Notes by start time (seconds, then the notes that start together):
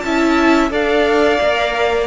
0.00 C#4 E4 E5 A5
0.70 D4 A4 D5 F5
1.40 A#3 A#4